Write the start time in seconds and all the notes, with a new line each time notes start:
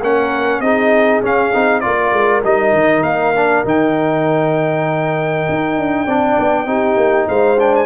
0.00 A#3 C#4 A#4 F#5
0.59 C4 D#4 G#4 D#5
1.22 C#4 F5
1.53 C4 D#4
1.80 A#3 F4 A#4 D5
2.12 G#3
2.43 G3 D#4 D#5
2.72 D#3
3.02 A#3 F5
3.34 D4
3.64 D#3 D#4 G5
5.49 D#4
5.78 D4
6.05 C4 D4 D5
6.38 B3
6.65 C4 D#4 G4
6.96 A#3
7.27 G#3 C5 F5
7.59 D4 G5
7.75 G#5